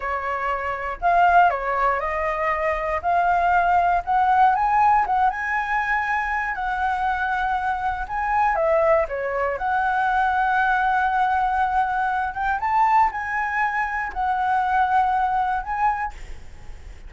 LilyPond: \new Staff \with { instrumentName = "flute" } { \time 4/4 \tempo 4 = 119 cis''2 f''4 cis''4 | dis''2 f''2 | fis''4 gis''4 fis''8 gis''4.~ | gis''4 fis''2. |
gis''4 e''4 cis''4 fis''4~ | fis''1~ | fis''8 g''8 a''4 gis''2 | fis''2. gis''4 | }